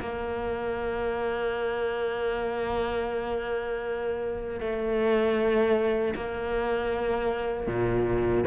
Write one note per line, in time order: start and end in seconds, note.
0.00 4.60 A#3
4.60 6.14 A3
6.16 7.67 A#3
7.67 8.44 A#2